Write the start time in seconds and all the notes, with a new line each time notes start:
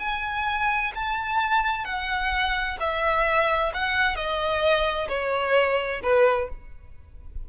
0.00 G#5
0.95 A5
1.85 F#5
2.80 E5
3.74 F#5
4.16 D#5
5.09 C#5
6.03 B4